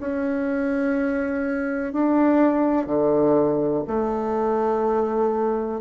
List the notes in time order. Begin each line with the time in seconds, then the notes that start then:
0.00 C#4
1.93 D4
2.86 D3
3.87 A3